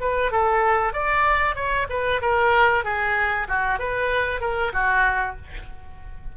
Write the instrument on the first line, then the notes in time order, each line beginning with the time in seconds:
oboe
0.00 B4
0.32 A4
0.93 D5
1.56 C#5
1.89 B4
2.22 A#4
2.84 G#4
3.49 F#4
3.79 B4
4.41 A#4
4.73 F#4